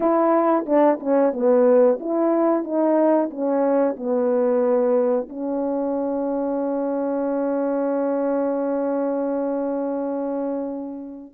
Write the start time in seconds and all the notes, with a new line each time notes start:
0.00 E4
0.66 D4
1.00 C#4
1.32 B3
2.00 E4
2.63 D#4
3.30 C#4
3.96 B3
5.29 C#4